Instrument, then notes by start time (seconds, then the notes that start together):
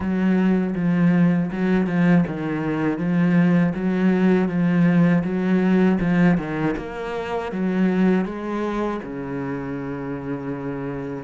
cello
0.00 F#3
0.75 F3
1.52 F#3
1.86 F3
2.27 D#3
2.98 F3
3.74 F#3
4.48 F3
5.24 F#3
6.00 F3
6.38 D#3
6.76 A#3
7.52 F#3
8.25 G#3
9.03 C#3